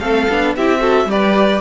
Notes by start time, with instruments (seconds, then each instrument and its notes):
0.00 cello A3, viola C4, violin A4 F5
0.29 cello B3, viola D4
0.56 cello C4, viola E4, violin G4 E5
0.79 viola F#4, violin A4
1.05 cello G3, viola G4, violin B4 D5